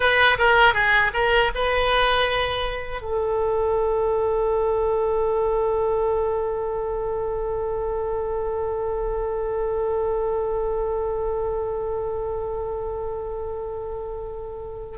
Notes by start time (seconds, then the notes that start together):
0.00 B4
0.38 A#4
0.74 G#4
1.13 A#4
1.54 B4
3.01 A4